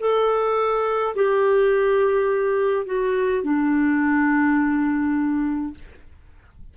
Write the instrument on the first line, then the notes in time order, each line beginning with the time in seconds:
clarinet
0.00 A4
1.15 G4
2.86 F#4
3.44 D4